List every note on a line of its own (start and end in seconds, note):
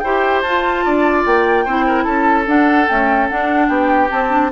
0.00 0.44 E4
0.00 0.46 G4
0.00 0.85 C5
0.00 0.41 G5
0.42 0.85 F4
0.42 1.68 F4
0.42 1.24 A5
0.85 1.26 D4
0.85 1.65 D5
1.26 1.66 A#3
1.26 2.04 G5
1.65 2.06 C4
1.65 2.47 E4
1.65 1.86 C5
1.87 2.04 A#4
2.04 2.47 C#4
2.04 3.68 A4
2.04 2.45 A5
2.47 2.87 D4
2.47 2.88 D4
2.47 2.88 F#5
2.88 3.30 A3
2.88 3.31 C#4
2.88 3.29 G5
3.30 4.10 D4
3.30 3.69 D4
3.30 3.69 F#5
3.69 4.10 B3
3.69 4.51 G4
3.69 4.10 G5
4.10 4.30 C4
4.10 4.52 C4
4.10 4.52 A5
4.30 4.51 D4